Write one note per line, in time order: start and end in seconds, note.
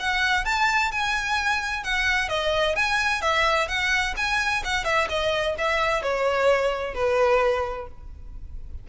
0.00 0.45 F#5
0.45 0.92 A5
0.92 1.84 G#5
1.84 2.29 F#5
2.29 2.76 D#5
2.76 3.22 G#5
3.22 3.68 E5
3.68 4.15 F#5
4.17 4.64 G#5
4.65 4.85 F#5
4.85 5.08 E5
5.10 5.56 D#5
5.58 6.03 E5
6.03 6.95 C#5
6.95 7.88 B4